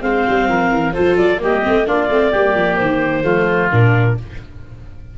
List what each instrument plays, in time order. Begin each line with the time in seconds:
0.00 tuba G#3, viola C4, oboe C5, clarinet F5
0.28 tuba G3
0.48 tuba F3, oboe A#4
0.70 tuba E3
0.93 tuba F3, viola F4, oboe A4, clarinet C5
1.16 tuba F#3, clarinet D5
1.39 tuba G3, viola A#3, oboe G4, clarinet D#5
1.62 tuba A3, viola C4
1.86 tuba A#3, viola D4, oboe F4, clarinet D5
2.09 tuba A3, viola C4
2.31 tuba G3, viola A#3, oboe G4
2.54 tuba F3
2.76 tuba D#3, clarinet C5
3.23 tuba F3, viola A3, oboe F4
3.71 tuba A#2, viola D4, clarinet A#4